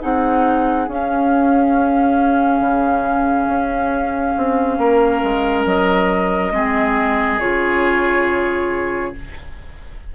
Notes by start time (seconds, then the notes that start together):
0.00 C4 D#4 G#4 F#5
0.88 C#4 F5
2.61 C#3
3.48 C#4
4.37 C4
4.78 A#3 A#4
5.23 G#3
5.66 F#3 D#5
6.52 G#3 C4 G#4
7.40 C#3 F4 C#5